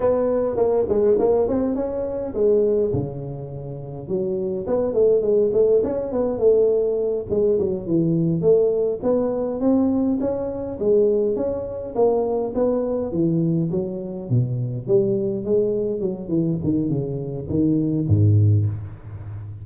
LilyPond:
\new Staff \with { instrumentName = "tuba" } { \time 4/4 \tempo 4 = 103 b4 ais8 gis8 ais8 c'8 cis'4 | gis4 cis2 fis4 | b8 a8 gis8 a8 cis'8 b8 a4~ | a8 gis8 fis8 e4 a4 b8~ |
b8 c'4 cis'4 gis4 cis'8~ | cis'8 ais4 b4 e4 fis8~ | fis8 b,4 g4 gis4 fis8 | e8 dis8 cis4 dis4 gis,4 | }